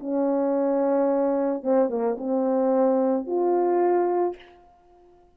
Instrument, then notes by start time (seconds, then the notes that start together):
horn
0.00 C#4
1.63 C4
1.89 A#3
2.18 C4
3.27 F4